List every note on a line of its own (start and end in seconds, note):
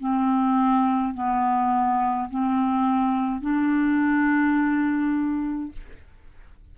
0.00 1.14 C4
1.14 2.30 B3
2.30 3.41 C4
3.41 5.72 D4